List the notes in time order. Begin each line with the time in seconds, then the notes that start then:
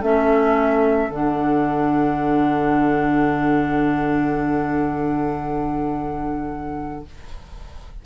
0.00 A3 C#4 A4 E5
1.09 D3 D4 F#5